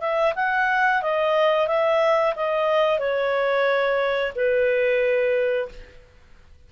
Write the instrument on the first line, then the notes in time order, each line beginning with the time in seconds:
clarinet
0.00 E5
0.35 F#5
1.02 D#5
1.67 E5
2.36 D#5
2.99 C#5
4.35 B4